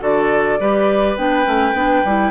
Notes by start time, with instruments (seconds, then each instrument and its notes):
0.00 bassoon D3, clarinet F#4, oboe A4, flute D5
0.59 bassoon G3, clarinet G4, oboe B4
1.17 bassoon B3, clarinet D4, flute G5
1.44 bassoon A3, clarinet C#4
1.73 bassoon B3, clarinet D4
2.04 bassoon G3, clarinet E4